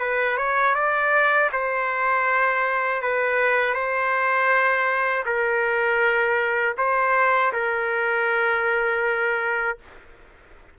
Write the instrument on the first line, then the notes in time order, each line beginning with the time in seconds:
trumpet
0.00 B4
0.38 C#5
0.75 D5
1.53 C5
3.02 B4
3.74 C5
5.26 A#4
6.78 C5
7.53 A#4